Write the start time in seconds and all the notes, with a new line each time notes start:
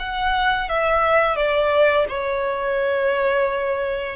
0.00 F#5
0.69 E5
1.36 D5
2.09 C#5